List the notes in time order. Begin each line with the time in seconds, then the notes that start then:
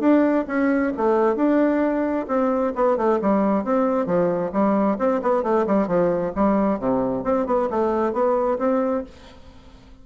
0.00 D4
0.48 C#4
0.97 A3
1.36 D4
2.28 C4
2.76 B3
2.97 A3
3.22 G3
3.65 C4
4.06 F3
4.53 G3
4.99 C4
5.22 B3
5.43 A3
5.67 G3
5.87 F3
6.36 G3
6.80 C3
7.24 C4
7.47 B3
7.71 A3
8.13 B3
8.59 C4